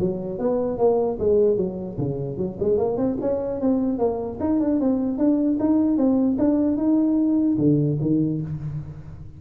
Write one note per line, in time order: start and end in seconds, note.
0.00 0.39 F#3
0.39 0.78 B3
0.78 1.18 A#3
1.20 1.57 G#3
1.57 1.97 F#3
1.98 2.37 C#3
2.37 2.57 F#3
2.60 2.78 G#3
2.78 2.97 A#3
2.97 3.17 C4
3.21 3.61 C#4
3.61 3.99 C4
3.99 4.39 A#3
4.40 4.60 D#4
4.60 4.80 D4
4.80 5.18 C4
5.18 5.58 D4
5.60 5.97 D#4
5.97 6.37 C4
6.39 6.77 D4
6.77 7.57 D#4
7.58 7.98 D3
8.01 8.41 D#3